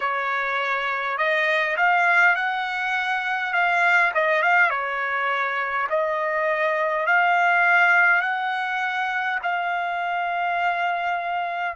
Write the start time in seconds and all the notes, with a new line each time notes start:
0.00 C#5
1.17 D#5
1.76 F5
2.35 F#5
3.53 F5
4.14 D#5
4.42 F5
4.70 C#5
5.89 D#5
7.06 F5
8.21 F#5
9.42 F5